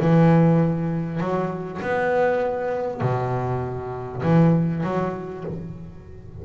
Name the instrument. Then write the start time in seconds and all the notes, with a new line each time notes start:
double bass
0.00 E3
1.20 F#3
1.82 B3
3.01 B2
4.23 E3
4.83 F#3